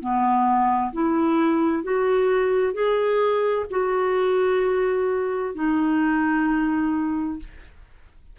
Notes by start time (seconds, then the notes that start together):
0.00 B3
0.92 E4
1.83 F#4
2.73 G#4
3.70 F#4
5.55 D#4